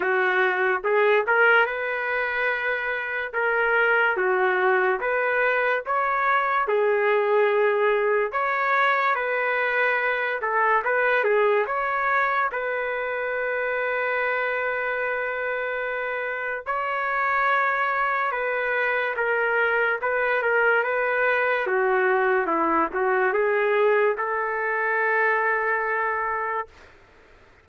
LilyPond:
\new Staff \with { instrumentName = "trumpet" } { \time 4/4 \tempo 4 = 72 fis'4 gis'8 ais'8 b'2 | ais'4 fis'4 b'4 cis''4 | gis'2 cis''4 b'4~ | b'8 a'8 b'8 gis'8 cis''4 b'4~ |
b'1 | cis''2 b'4 ais'4 | b'8 ais'8 b'4 fis'4 e'8 fis'8 | gis'4 a'2. | }